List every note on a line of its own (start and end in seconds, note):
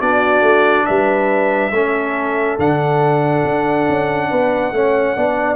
0.00 0.41 B3
0.00 1.72 D4
0.00 0.86 F#4
0.00 0.86 D5
0.41 0.84 A3
0.86 1.71 G3
0.86 1.72 B4
0.86 2.57 E5
1.71 2.57 A3
1.71 2.59 C#4
1.71 4.29 A4
2.58 3.44 D3
2.58 4.73 D4
2.58 5.56 F#5
3.44 3.87 D4
3.88 4.31 C#4
4.29 4.72 B3
4.29 4.72 B4
4.72 5.15 A3
4.72 5.16 C#4
4.72 5.16 C#5
5.16 5.56 B3
5.16 5.56 D4
5.16 5.56 D5